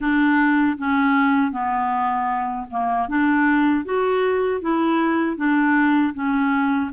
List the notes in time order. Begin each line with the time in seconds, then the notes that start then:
0.00 D4
0.78 C#4
1.51 B3
2.70 A#3
3.08 D4
3.85 F#4
4.61 E4
5.36 D4
6.14 C#4